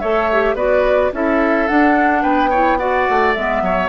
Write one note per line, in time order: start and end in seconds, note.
0.00 0.55 A3
0.00 0.30 A4
0.00 0.55 C#5
0.00 0.56 E5
0.33 0.57 G4
0.55 1.10 B3
0.55 1.12 F#4
0.55 1.11 B4
0.55 1.12 D5
1.13 1.69 C#4
1.13 1.69 E4
1.13 2.23 A4
1.13 1.68 E5
1.68 2.52 D4
1.68 2.24 D4
1.68 2.23 F#5
2.23 3.08 B3
2.23 2.50 B4
2.23 2.78 G5
2.50 2.79 E4
2.50 2.78 C#5
2.78 3.34 F#4
2.78 3.63 D5
2.78 3.34 F#5
3.09 3.37 A3
3.34 3.62 G#3
3.34 3.90 B3
3.34 3.89 E5
3.62 3.90 F#3
3.62 3.90 C#5